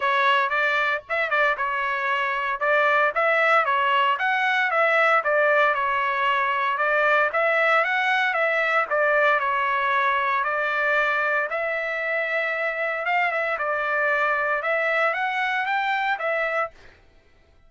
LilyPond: \new Staff \with { instrumentName = "trumpet" } { \time 4/4 \tempo 4 = 115 cis''4 d''4 e''8 d''8 cis''4~ | cis''4 d''4 e''4 cis''4 | fis''4 e''4 d''4 cis''4~ | cis''4 d''4 e''4 fis''4 |
e''4 d''4 cis''2 | d''2 e''2~ | e''4 f''8 e''8 d''2 | e''4 fis''4 g''4 e''4 | }